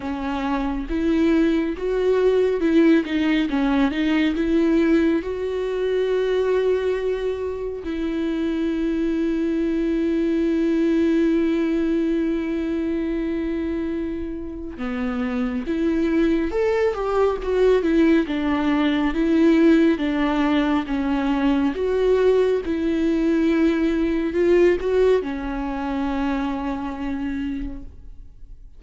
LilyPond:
\new Staff \with { instrumentName = "viola" } { \time 4/4 \tempo 4 = 69 cis'4 e'4 fis'4 e'8 dis'8 | cis'8 dis'8 e'4 fis'2~ | fis'4 e'2.~ | e'1~ |
e'4 b4 e'4 a'8 g'8 | fis'8 e'8 d'4 e'4 d'4 | cis'4 fis'4 e'2 | f'8 fis'8 cis'2. | }